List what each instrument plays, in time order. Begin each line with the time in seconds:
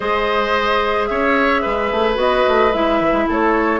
0.00 bassoon G#3, clarinet G#4, oboe C5, flute D#5
1.06 bassoon C#4, oboe C#5, flute E5
1.61 bassoon G#3, oboe B4
1.91 bassoon A3
2.15 bassoon B3, clarinet F#4, flute D#5
2.47 bassoon A3
2.72 bassoon G#3, clarinet E4, flute E5
3.00 bassoon E3
3.12 bassoon G#3
3.27 bassoon A3, oboe A4, flute C#5